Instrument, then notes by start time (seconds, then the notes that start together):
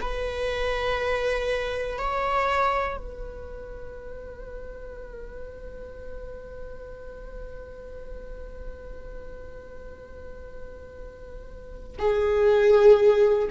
viola
0.00 B4
1.98 C#5
2.97 B4
11.98 G#4